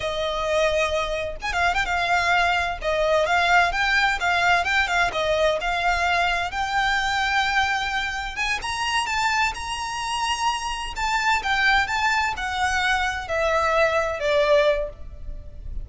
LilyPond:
\new Staff \with { instrumentName = "violin" } { \time 4/4 \tempo 4 = 129 dis''2. gis''16 f''8 g''16 | f''2 dis''4 f''4 | g''4 f''4 g''8 f''8 dis''4 | f''2 g''2~ |
g''2 gis''8 ais''4 a''8~ | a''8 ais''2. a''8~ | a''8 g''4 a''4 fis''4.~ | fis''8 e''2 d''4. | }